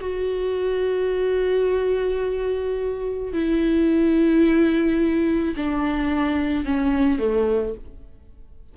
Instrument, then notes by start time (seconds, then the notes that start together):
viola
0.00 F#4
3.32 E4
5.56 D4
6.64 C#4
7.18 A3